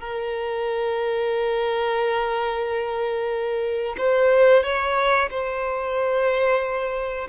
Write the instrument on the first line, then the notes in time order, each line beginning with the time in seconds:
violin
0.00 A#4
3.97 C5
4.63 C#5
5.30 C5